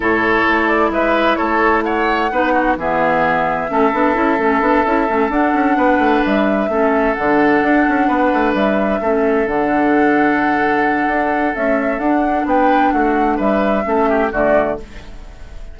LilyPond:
<<
  \new Staff \with { instrumentName = "flute" } { \time 4/4 \tempo 4 = 130 cis''4. d''8 e''4 cis''4 | fis''2 e''2~ | e''2.~ e''8 fis''8~ | fis''4. e''2 fis''8~ |
fis''2~ fis''8 e''4.~ | e''8 fis''2.~ fis''8~ | fis''4 e''4 fis''4 g''4 | fis''4 e''2 d''4 | }
  \new Staff \with { instrumentName = "oboe" } { \time 4/4 a'2 b'4 a'4 | cis''4 b'8 fis'8 gis'2 | a'1~ | a'8 b'2 a'4.~ |
a'4. b'2 a'8~ | a'1~ | a'2. b'4 | fis'4 b'4 a'8 g'8 fis'4 | }
  \new Staff \with { instrumentName = "clarinet" } { \time 4/4 e'1~ | e'4 dis'4 b2 | cis'8 d'8 e'8 cis'8 d'8 e'8 cis'8 d'8~ | d'2~ d'8 cis'4 d'8~ |
d'2.~ d'8 cis'8~ | cis'8 d'2.~ d'8~ | d'4 a4 d'2~ | d'2 cis'4 a4 | }
  \new Staff \with { instrumentName = "bassoon" } { \time 4/4 a,4 a4 gis4 a4~ | a4 b4 e2 | a8 b8 cis'8 a8 b8 cis'8 a8 d'8 | cis'8 b8 a8 g4 a4 d8~ |
d8 d'8 cis'8 b8 a8 g4 a8~ | a8 d2.~ d8 | d'4 cis'4 d'4 b4 | a4 g4 a4 d4 | }
>>